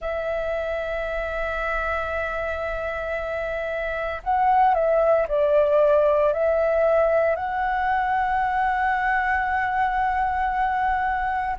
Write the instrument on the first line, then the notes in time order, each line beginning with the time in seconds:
flute
0.00 E5
4.23 F#5
4.74 E5
5.27 D5
6.33 E5
7.35 F#5